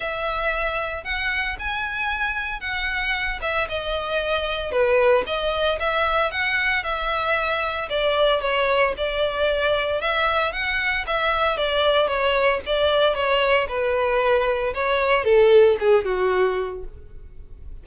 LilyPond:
\new Staff \with { instrumentName = "violin" } { \time 4/4 \tempo 4 = 114 e''2 fis''4 gis''4~ | gis''4 fis''4. e''8 dis''4~ | dis''4 b'4 dis''4 e''4 | fis''4 e''2 d''4 |
cis''4 d''2 e''4 | fis''4 e''4 d''4 cis''4 | d''4 cis''4 b'2 | cis''4 a'4 gis'8 fis'4. | }